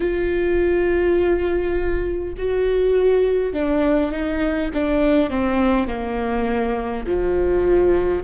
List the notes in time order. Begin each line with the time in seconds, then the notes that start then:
0.00 F4
2.37 F#4
3.53 D4
4.11 D#4
4.73 D4
5.29 C4
5.87 A#3
7.06 F3